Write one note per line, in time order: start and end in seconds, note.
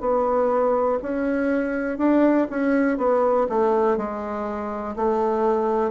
0.00 0.98 B3
1.02 1.98 C#4
1.98 2.47 D4
2.50 2.97 C#4
2.97 3.46 B3
3.49 3.97 A3
3.97 4.95 G#3
4.96 5.91 A3